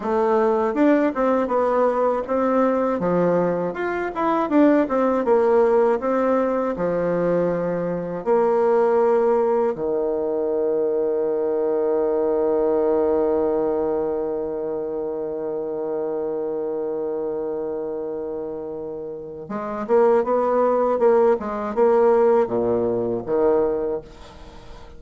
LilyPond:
\new Staff \with { instrumentName = "bassoon" } { \time 4/4 \tempo 4 = 80 a4 d'8 c'8 b4 c'4 | f4 f'8 e'8 d'8 c'8 ais4 | c'4 f2 ais4~ | ais4 dis2.~ |
dis1~ | dis1~ | dis2 gis8 ais8 b4 | ais8 gis8 ais4 ais,4 dis4 | }